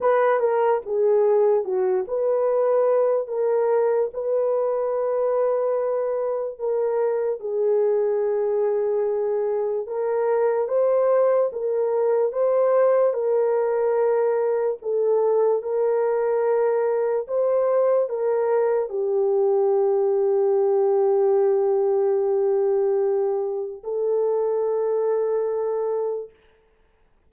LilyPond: \new Staff \with { instrumentName = "horn" } { \time 4/4 \tempo 4 = 73 b'8 ais'8 gis'4 fis'8 b'4. | ais'4 b'2. | ais'4 gis'2. | ais'4 c''4 ais'4 c''4 |
ais'2 a'4 ais'4~ | ais'4 c''4 ais'4 g'4~ | g'1~ | g'4 a'2. | }